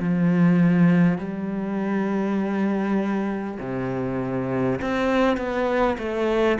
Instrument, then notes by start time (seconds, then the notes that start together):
cello
0.00 F3
1.18 G3
3.60 C3
4.82 C4
5.37 B3
5.98 A3